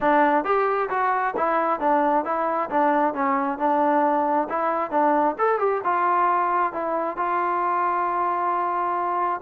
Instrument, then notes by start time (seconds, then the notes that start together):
trombone
0.00 D4
0.44 G4
0.89 F#4
1.36 E4
1.80 D4
2.24 E4
2.70 D4
3.14 C#4
3.58 D4
4.49 E4
4.91 D4
5.38 A4
5.58 G4
5.84 F4
6.72 E4
7.16 F4